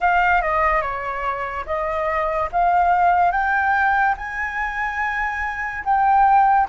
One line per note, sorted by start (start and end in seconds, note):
0.00 0.41 F5
0.41 0.81 D#5
0.81 1.64 C#5
1.66 2.49 D#5
2.52 3.31 F5
3.31 4.14 G5
4.17 5.83 G#5
5.84 6.67 G5